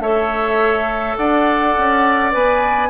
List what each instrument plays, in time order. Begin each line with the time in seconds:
0.00 bassoon A3, clarinet A4, oboe C#5, flute E5
1.17 bassoon D4, oboe D5, flute F#5
1.78 bassoon C#4
2.32 bassoon B3, clarinet B4, flute G#5